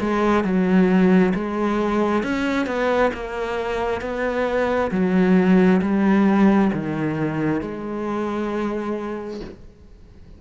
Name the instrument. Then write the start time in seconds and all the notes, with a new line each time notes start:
cello
0.00 G#3
0.44 F#3
1.34 G#3
2.23 C#4
2.66 B3
3.13 A#3
4.01 B3
4.91 F#3
5.82 G3
6.72 D#3
7.61 G#3